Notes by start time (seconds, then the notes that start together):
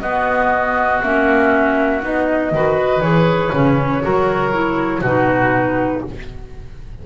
0.00 B3 F#4 D#5
1.02 A#3 C#4 E5
2.01 B3 D#4 D#5
2.51 D#3 F#4 B4
3.00 E3 G#4 C#5
3.53 C#3 C#4
4.01 F#3 F#4 A#4
4.52 E4
5.01 B2 D#4 F#4 B4